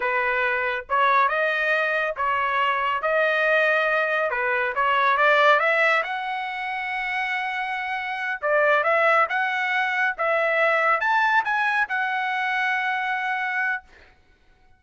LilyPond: \new Staff \with { instrumentName = "trumpet" } { \time 4/4 \tempo 4 = 139 b'2 cis''4 dis''4~ | dis''4 cis''2 dis''4~ | dis''2 b'4 cis''4 | d''4 e''4 fis''2~ |
fis''2.~ fis''8 d''8~ | d''8 e''4 fis''2 e''8~ | e''4. a''4 gis''4 fis''8~ | fis''1 | }